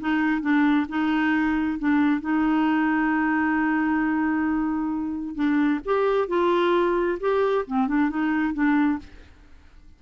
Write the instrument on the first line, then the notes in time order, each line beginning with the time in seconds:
clarinet
0.00 D#4
0.41 D4
0.89 D#4
1.79 D4
2.21 D#4
5.35 D4
5.85 G4
6.28 F4
7.20 G4
7.67 C4
7.87 D4
8.10 D#4
8.54 D4